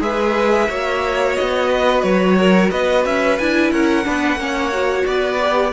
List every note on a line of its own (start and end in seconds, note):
0.00 0.68 G#3
0.00 0.67 G#4
0.00 0.69 B4
0.00 1.35 E5
0.69 1.36 A#3
0.69 3.39 F#4
0.69 1.68 C#5
1.35 2.03 B3
1.35 2.02 D#5
1.68 2.36 B4
2.02 2.71 F#3
2.02 2.70 C#5
2.38 2.71 A#4
2.71 3.05 B3
2.71 3.72 B4
2.71 3.04 D#5
3.05 3.39 C#4
3.05 3.38 E5
3.38 3.71 D4
3.38 4.04 E4
3.38 3.71 G#5
3.71 4.05 C#4
3.71 4.05 A#4
3.71 5.05 F#5
4.04 4.35 B3
4.04 4.37 D4
4.04 4.39 B4
4.35 5.03 A#3
4.35 4.72 C#4
4.35 5.07 C#5
4.72 5.39 F#4
5.05 5.72 B3
5.05 5.72 B4
5.05 5.72 D5
5.40 5.72 G4